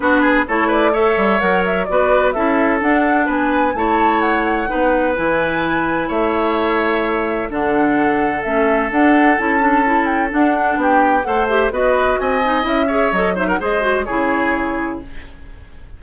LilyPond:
<<
  \new Staff \with { instrumentName = "flute" } { \time 4/4 \tempo 4 = 128 b'4 cis''8 d''8 e''4 fis''8 e''8 | d''4 e''4 fis''4 gis''4 | a''4 fis''2 gis''4~ | gis''4 e''2. |
fis''2 e''4 fis''4 | a''4. g''8 fis''4 g''4 | fis''8 e''8 dis''4 gis''4 e''4 | dis''8 e''16 fis''16 dis''4 cis''2 | }
  \new Staff \with { instrumentName = "oboe" } { \time 4/4 fis'8 gis'8 a'8 b'8 cis''2 | b'4 a'2 b'4 | cis''2 b'2~ | b'4 cis''2. |
a'1~ | a'2. g'4 | c''4 b'4 dis''4. cis''8~ | cis''8 c''16 ais'16 c''4 gis'2 | }
  \new Staff \with { instrumentName = "clarinet" } { \time 4/4 d'4 e'4 a'4 ais'4 | fis'4 e'4 d'2 | e'2 dis'4 e'4~ | e'1 |
d'2 cis'4 d'4 | e'8 d'8 e'4 d'2 | a'8 g'8 fis'4. dis'8 e'8 gis'8 | a'8 dis'8 gis'8 fis'8 e'2 | }
  \new Staff \with { instrumentName = "bassoon" } { \time 4/4 b4 a4. g8 fis4 | b4 cis'4 d'4 b4 | a2 b4 e4~ | e4 a2. |
d2 a4 d'4 | cis'2 d'4 b4 | a4 b4 c'4 cis'4 | fis4 gis4 cis2 | }
>>